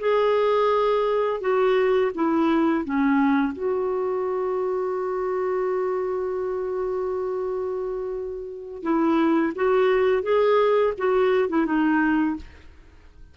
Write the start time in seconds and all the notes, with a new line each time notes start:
0.00 G#4
1.41 F#4
2.15 E4
2.85 C#4
3.53 F#4
8.83 E4
9.56 F#4
10.23 G#4
10.98 F#4
11.49 E4
11.66 D#4